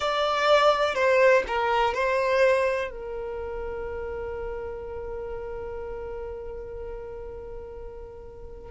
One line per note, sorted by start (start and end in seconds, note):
0.00 0.95 D5
0.95 1.43 C5
1.47 1.94 A#4
1.94 2.90 C5
2.90 8.71 A#4